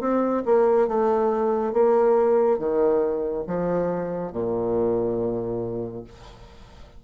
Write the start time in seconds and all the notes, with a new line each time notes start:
0.00 C4
0.45 A#3
0.88 A3
1.73 A#3
2.58 D#3
3.47 F3
4.32 A#2